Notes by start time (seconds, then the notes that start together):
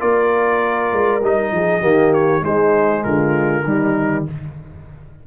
0.00 A#3 F4 A#4 D5
0.93 G#3
1.22 G3 D#4 D#5
1.52 F3 G#4
1.82 D#3 A#3 G4
2.14 C#5
2.41 G#3 D#4 C5
3.04 D3 F4 A#4
3.64 D#3 G3 D#4